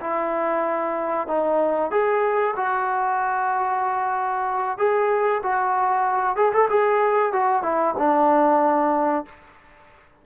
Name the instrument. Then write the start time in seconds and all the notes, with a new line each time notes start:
trombone
0.00 E4
1.27 D#4
1.90 G#4
2.56 F#4
4.77 G#4
5.42 F#4
6.36 G#4
6.52 A4
6.70 G#4
7.32 F#4
7.62 E4
7.97 D4